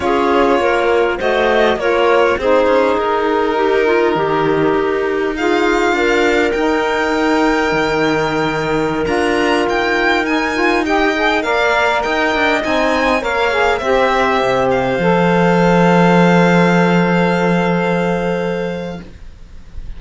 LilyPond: <<
  \new Staff \with { instrumentName = "violin" } { \time 4/4 \tempo 4 = 101 cis''2 dis''4 cis''4 | c''4 ais'2.~ | ais'4 f''2 g''4~ | g''2.~ g''16 ais''8.~ |
ais''16 g''4 gis''4 g''4 f''8.~ | f''16 g''4 gis''4 f''4 e''8.~ | e''8. f''2.~ f''16~ | f''1 | }
  \new Staff \with { instrumentName = "clarinet" } { \time 4/4 gis'4 ais'4 c''4 ais'4 | gis'2 g'8 f'8 g'4~ | g'4 gis'4 ais'2~ | ais'1~ |
ais'2~ ais'16 dis''4 d''8.~ | d''16 dis''2 cis''4 c''8.~ | c''1~ | c''1 | }
  \new Staff \with { instrumentName = "saxophone" } { \time 4/4 f'2 fis'4 f'4 | dis'1~ | dis'4 f'2 dis'4~ | dis'2.~ dis'16 f'8.~ |
f'4~ f'16 dis'8 f'8 g'8 gis'8 ais'8.~ | ais'4~ ais'16 dis'4 ais'8 gis'8 g'8.~ | g'4~ g'16 a'2~ a'8.~ | a'1 | }
  \new Staff \with { instrumentName = "cello" } { \time 4/4 cis'4 ais4 a4 ais4 | c'8 cis'8 dis'2 dis4 | dis'2 d'4 dis'4~ | dis'4 dis2~ dis16 d'8.~ |
d'16 dis'2. ais8.~ | ais16 dis'8 d'8 c'4 ais4 c'8.~ | c'16 c4 f2~ f8.~ | f1 | }
>>